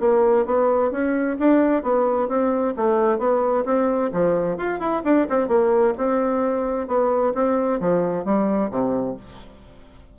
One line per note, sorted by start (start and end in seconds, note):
0.00 0.46 A#3
0.46 0.91 B3
0.91 1.37 C#4
1.39 1.83 D4
1.83 2.28 B3
2.28 2.74 C4
2.76 3.19 A3
3.19 3.64 B3
3.65 4.11 C4
4.13 4.57 F3
4.57 4.79 F4
4.79 5.02 E4
5.04 5.27 D4
5.30 5.48 C4
5.48 5.94 A#3
5.98 6.87 C4
6.87 7.33 B3
7.34 7.80 C4
7.80 8.25 F3
8.25 8.70 G3
8.71 9.16 C3